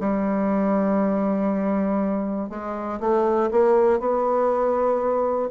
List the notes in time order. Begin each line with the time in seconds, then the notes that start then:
0.00 G3
2.50 G#3
3.00 A3
3.51 A#3
4.00 B3